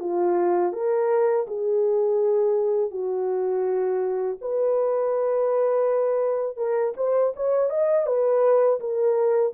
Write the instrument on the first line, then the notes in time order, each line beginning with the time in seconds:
horn
0.00 F4
0.73 A#4
1.48 G#4
2.91 F#4
4.42 B4
6.57 A#4
6.97 C5
7.36 C#5
7.70 D#5
8.07 B4
8.80 A#4